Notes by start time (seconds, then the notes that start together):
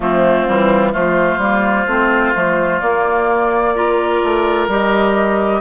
0.00 F3 A3 C4 F4
0.47 E3 G3
0.92 F3 A3 F4 C5
1.38 G3 A#3
1.86 A3 C4
2.34 F3 A3
2.79 A#3 D5
3.75 F4 A#4
4.23 A3
4.67 G3 G4 D#5